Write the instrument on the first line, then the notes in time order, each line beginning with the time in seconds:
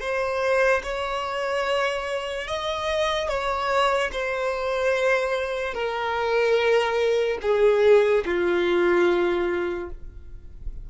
violin
0.00 C5
0.83 C#5
2.47 D#5
3.28 C#5
4.12 C5
5.74 A#4
7.42 G#4
8.25 F4